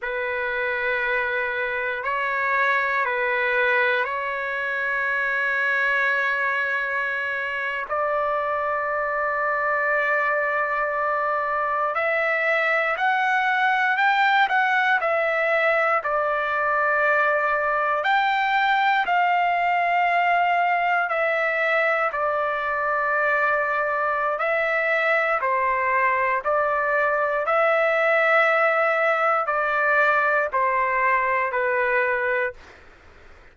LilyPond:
\new Staff \with { instrumentName = "trumpet" } { \time 4/4 \tempo 4 = 59 b'2 cis''4 b'4 | cis''2.~ cis''8. d''16~ | d''2.~ d''8. e''16~ | e''8. fis''4 g''8 fis''8 e''4 d''16~ |
d''4.~ d''16 g''4 f''4~ f''16~ | f''8. e''4 d''2~ d''16 | e''4 c''4 d''4 e''4~ | e''4 d''4 c''4 b'4 | }